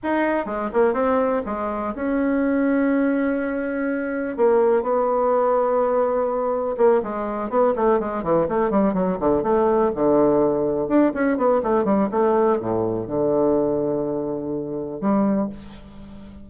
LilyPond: \new Staff \with { instrumentName = "bassoon" } { \time 4/4 \tempo 4 = 124 dis'4 gis8 ais8 c'4 gis4 | cis'1~ | cis'4 ais4 b2~ | b2 ais8 gis4 b8 |
a8 gis8 e8 a8 g8 fis8 d8 a8~ | a8 d2 d'8 cis'8 b8 | a8 g8 a4 a,4 d4~ | d2. g4 | }